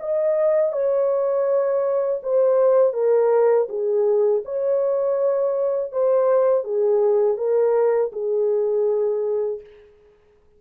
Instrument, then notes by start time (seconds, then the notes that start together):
horn
0.00 D#5
0.73 C#5
2.23 C5
2.94 A#4
3.69 G#4
4.45 C#5
5.92 C5
6.64 G#4
7.37 A#4
8.12 G#4